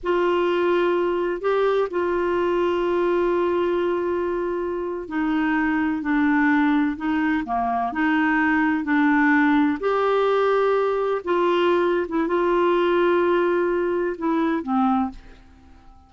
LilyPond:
\new Staff \with { instrumentName = "clarinet" } { \time 4/4 \tempo 4 = 127 f'2. g'4 | f'1~ | f'2~ f'8. dis'4~ dis'16~ | dis'8. d'2 dis'4 ais16~ |
ais8. dis'2 d'4~ d'16~ | d'8. g'2. f'16~ | f'4. e'8 f'2~ | f'2 e'4 c'4 | }